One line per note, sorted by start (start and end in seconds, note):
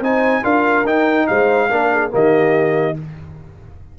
0.00 0.42 C4
0.00 0.43 D#4
0.00 0.43 C5
0.00 0.44 G#5
0.43 0.84 D4
0.43 0.85 F4
0.43 1.27 A#4
0.43 0.86 F5
0.84 1.26 D#4
0.84 1.70 D#4
0.84 1.27 G5
1.27 1.71 G#3
1.27 1.70 C5
1.27 2.11 F5
1.70 2.13 A#3
1.70 2.10 D4
1.70 1.91 A#4
1.92 2.13 G#4
2.10 2.99 D#3
2.10 2.94 A#3
2.10 2.98 G4
2.10 2.99 D#5